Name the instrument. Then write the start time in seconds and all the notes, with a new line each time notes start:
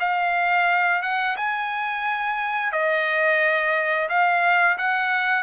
trumpet
0.00 F5
1.02 F#5
1.37 G#5
2.72 D#5
4.09 F5
4.78 F#5